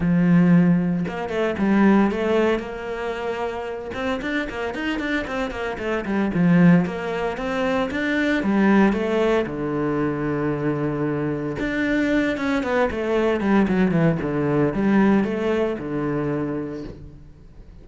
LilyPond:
\new Staff \with { instrumentName = "cello" } { \time 4/4 \tempo 4 = 114 f2 ais8 a8 g4 | a4 ais2~ ais8 c'8 | d'8 ais8 dis'8 d'8 c'8 ais8 a8 g8 | f4 ais4 c'4 d'4 |
g4 a4 d2~ | d2 d'4. cis'8 | b8 a4 g8 fis8 e8 d4 | g4 a4 d2 | }